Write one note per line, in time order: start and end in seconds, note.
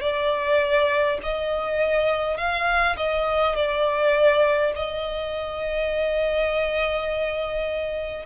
0.00 1.18 D5
1.22 2.37 D#5
2.37 2.96 F5
2.96 3.55 D#5
3.55 4.73 D5
4.75 8.25 D#5